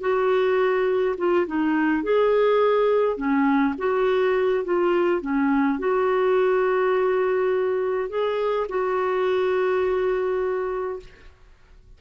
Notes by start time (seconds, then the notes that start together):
0.00 F#4
1.17 F4
1.47 D#4
2.03 G#4
3.17 C#4
3.78 F#4
4.64 F4
5.21 C#4
5.78 F#4
8.09 G#4
8.69 F#4